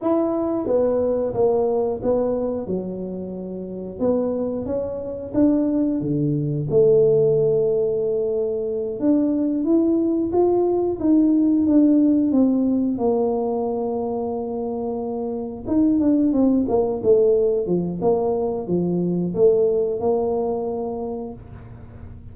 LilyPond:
\new Staff \with { instrumentName = "tuba" } { \time 4/4 \tempo 4 = 90 e'4 b4 ais4 b4 | fis2 b4 cis'4 | d'4 d4 a2~ | a4. d'4 e'4 f'8~ |
f'8 dis'4 d'4 c'4 ais8~ | ais2.~ ais8 dis'8 | d'8 c'8 ais8 a4 f8 ais4 | f4 a4 ais2 | }